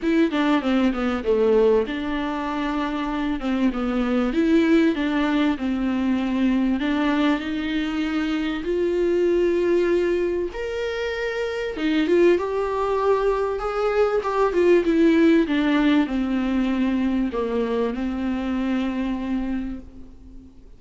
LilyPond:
\new Staff \with { instrumentName = "viola" } { \time 4/4 \tempo 4 = 97 e'8 d'8 c'8 b8 a4 d'4~ | d'4. c'8 b4 e'4 | d'4 c'2 d'4 | dis'2 f'2~ |
f'4 ais'2 dis'8 f'8 | g'2 gis'4 g'8 f'8 | e'4 d'4 c'2 | ais4 c'2. | }